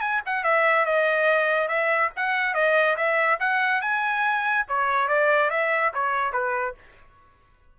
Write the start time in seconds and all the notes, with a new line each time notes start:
0.00 G#5
0.25 F#5
0.44 E5
0.85 D#5
1.68 E5
2.16 F#5
2.54 D#5
2.96 E5
3.39 F#5
3.81 G#5
4.68 C#5
5.08 D5
5.50 E5
5.94 C#5
6.32 B4